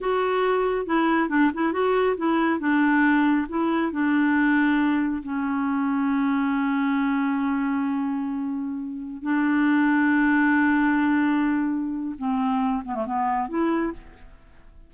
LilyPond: \new Staff \with { instrumentName = "clarinet" } { \time 4/4 \tempo 4 = 138 fis'2 e'4 d'8 e'8 | fis'4 e'4 d'2 | e'4 d'2. | cis'1~ |
cis'1~ | cis'4~ cis'16 d'2~ d'8.~ | d'1 | c'4. b16 a16 b4 e'4 | }